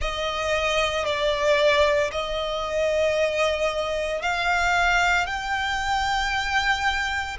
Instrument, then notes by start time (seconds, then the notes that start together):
violin
0.00 D#5
1.05 D5
2.11 D#5
4.22 F5
5.26 G5